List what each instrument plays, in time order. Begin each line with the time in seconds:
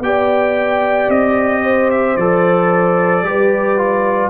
0.00 tuba B3, trombone G4, horn D5, trumpet G5
1.08 tuba C4, trumpet D#5
1.63 horn C5
1.90 trumpet E5
2.17 tuba F3, trombone A4, trumpet D5
3.23 tuba G3, trombone G4, horn B4
3.78 trombone F4